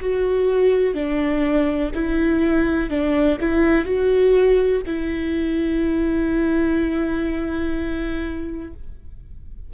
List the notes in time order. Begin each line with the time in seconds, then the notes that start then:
0.00 F#4
0.94 D4
1.94 E4
2.89 D4
3.40 E4
3.85 F#4
4.86 E4